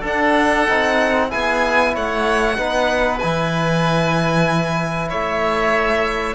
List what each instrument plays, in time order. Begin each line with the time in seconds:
0.00 cello D4, trombone D4, oboe A4
0.06 violin F#5
0.67 cello C4, trombone D#4
1.29 cello B3, trombone E4, oboe G#4, violin G#5
1.94 cello A3, oboe C#5, violin F#5
2.56 cello B3, trombone D#4, oboe B4
3.18 cello E3, trombone E4, violin G#5
5.08 cello A3, oboe C#5, violin E5